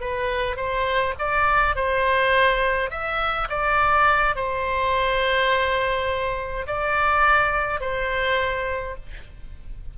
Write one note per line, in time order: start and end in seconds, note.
0.00 0.56 B4
0.56 1.14 C5
1.19 1.75 D5
1.75 2.90 C5
2.90 3.48 E5
3.49 4.36 D5
4.36 6.66 C5
6.66 7.80 D5
7.80 8.95 C5